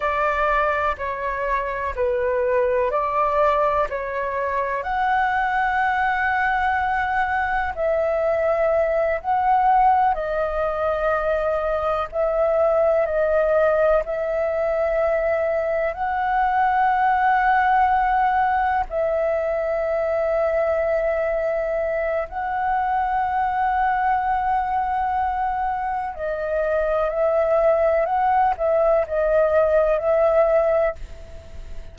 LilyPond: \new Staff \with { instrumentName = "flute" } { \time 4/4 \tempo 4 = 62 d''4 cis''4 b'4 d''4 | cis''4 fis''2. | e''4. fis''4 dis''4.~ | dis''8 e''4 dis''4 e''4.~ |
e''8 fis''2. e''8~ | e''2. fis''4~ | fis''2. dis''4 | e''4 fis''8 e''8 dis''4 e''4 | }